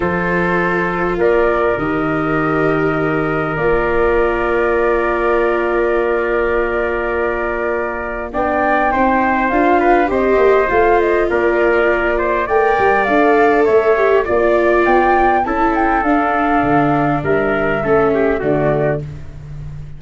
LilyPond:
<<
  \new Staff \with { instrumentName = "flute" } { \time 4/4 \tempo 4 = 101 c''2 d''4 dis''4~ | dis''2 d''2~ | d''1~ | d''2 g''2 |
f''4 dis''4 f''8 dis''8 d''4~ | d''4 g''4 f''4 e''4 | d''4 g''4 a''8 g''8 f''4~ | f''4 e''2 d''4 | }
  \new Staff \with { instrumentName = "trumpet" } { \time 4/4 a'2 ais'2~ | ais'1~ | ais'1~ | ais'2 d''4 c''4~ |
c''8 b'8 c''2 ais'4~ | ais'8 c''8 d''2 cis''4 | d''2 a'2~ | a'4 ais'4 a'8 g'8 fis'4 | }
  \new Staff \with { instrumentName = "viola" } { \time 4/4 f'2. g'4~ | g'2 f'2~ | f'1~ | f'2 d'4 dis'4 |
f'4 g'4 f'2~ | f'4 ais'4 a'4. g'8 | f'2 e'4 d'4~ | d'2 cis'4 a4 | }
  \new Staff \with { instrumentName = "tuba" } { \time 4/4 f2 ais4 dis4~ | dis2 ais2~ | ais1~ | ais2 b4 c'4 |
d'4 c'8 ais8 a4 ais4~ | ais4 a8 g8 d'4 a4 | ais4 b4 cis'4 d'4 | d4 g4 a4 d4 | }
>>